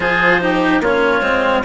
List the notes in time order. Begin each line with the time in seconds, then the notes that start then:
0.00 F3 F4 G#4 C5
0.40 D#4 G4
0.80 A#3 C#4 F4 C#5
1.21 G#3 C4